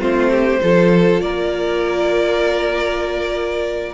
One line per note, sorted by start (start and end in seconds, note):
0.00 0.61 A3
0.00 0.61 C4
0.00 0.30 F4
0.00 1.21 C5
0.30 0.61 G4
0.62 1.22 F3
0.62 3.94 F4
0.62 1.23 A4
1.21 3.94 A#3
1.21 3.94 A#4
1.21 3.94 D5